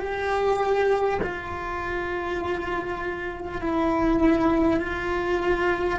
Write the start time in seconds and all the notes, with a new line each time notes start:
0.00 G4
1.23 F4
3.61 E4
4.79 F4